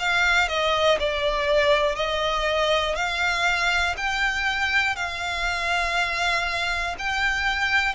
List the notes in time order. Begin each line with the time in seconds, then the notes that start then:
0.00 F5
0.49 D#5
1.00 D5
1.96 D#5
2.96 F5
3.97 G5
4.96 F5
6.99 G5